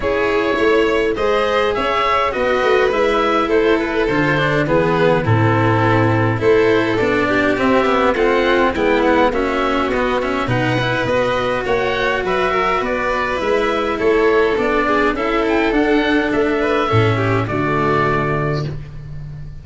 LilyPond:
<<
  \new Staff \with { instrumentName = "oboe" } { \time 4/4 \tempo 4 = 103 cis''2 dis''4 e''4 | dis''4 e''4 c''8 b'8 c''4 | b'4 a'2 c''4 | d''4 e''4 fis''4 g''8 fis''8 |
e''4 dis''8 e''8 fis''4 dis''4 | fis''4 e''4 d''4 e''4 | cis''4 d''4 e''8 g''8 fis''4 | e''2 d''2 | }
  \new Staff \with { instrumentName = "violin" } { \time 4/4 gis'4 cis''4 c''4 cis''4 | b'2 a'2 | gis'4 e'2 a'4~ | a'8 g'4. f'4 e'4 |
fis'2 b'2 | cis''4 b'8 ais'8 b'2 | a'4. gis'8 a'2~ | a'8 b'8 a'8 g'8 fis'2 | }
  \new Staff \with { instrumentName = "cello" } { \time 4/4 e'2 gis'2 | fis'4 e'2 f'8 d'8 | b4 c'2 e'4 | d'4 c'8 b8 c'4 b4 |
cis'4 b8 cis'8 dis'8 e'8 fis'4~ | fis'2. e'4~ | e'4 d'4 e'4 d'4~ | d'4 cis'4 a2 | }
  \new Staff \with { instrumentName = "tuba" } { \time 4/4 cis'4 a4 gis4 cis'4 | b8 a8 gis4 a4 d4 | e4 a,2 a4 | b4 c'4 a4 gis4 |
ais4 b4 b,4 b4 | ais4 fis4 b4 gis4 | a4 b4 cis'4 d'4 | a4 a,4 d2 | }
>>